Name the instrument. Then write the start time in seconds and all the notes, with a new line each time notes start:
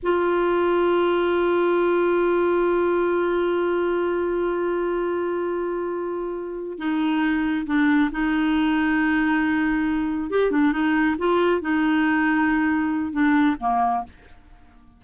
clarinet
0.02 F4
6.78 D#4
7.66 D4
8.11 D#4
10.30 G4
10.51 D4
10.72 D#4
11.18 F4
11.61 D#4
13.12 D4
13.60 A#3